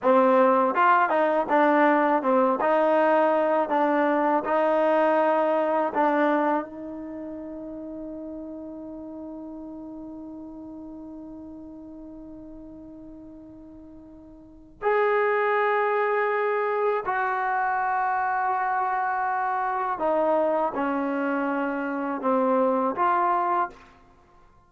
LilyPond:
\new Staff \with { instrumentName = "trombone" } { \time 4/4 \tempo 4 = 81 c'4 f'8 dis'8 d'4 c'8 dis'8~ | dis'4 d'4 dis'2 | d'4 dis'2.~ | dis'1~ |
dis'1 | gis'2. fis'4~ | fis'2. dis'4 | cis'2 c'4 f'4 | }